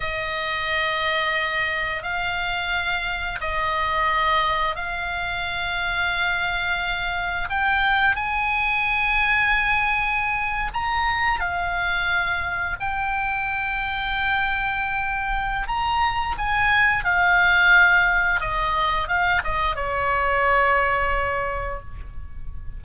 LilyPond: \new Staff \with { instrumentName = "oboe" } { \time 4/4 \tempo 4 = 88 dis''2. f''4~ | f''4 dis''2 f''4~ | f''2. g''4 | gis''2.~ gis''8. ais''16~ |
ais''8. f''2 g''4~ g''16~ | g''2. ais''4 | gis''4 f''2 dis''4 | f''8 dis''8 cis''2. | }